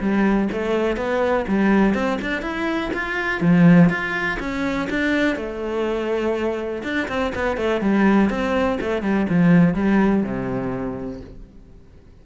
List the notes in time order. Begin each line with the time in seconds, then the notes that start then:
0.00 G3
0.52 A3
0.96 B3
1.48 G3
1.94 C4
2.22 D4
2.42 E4
2.93 F4
3.41 F3
3.89 F4
4.39 C#4
4.90 D4
5.36 A3
6.83 D4
7.08 C4
7.35 B3
7.57 A3
7.81 G3
8.30 C4
8.80 A3
9.02 G3
9.29 F3
9.74 G3
10.23 C3